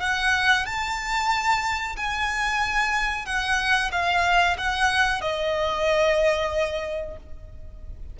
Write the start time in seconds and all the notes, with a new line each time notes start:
0.00 F#5
0.65 A5
1.96 G#5
3.25 F#5
3.91 F5
4.57 F#5
5.21 D#5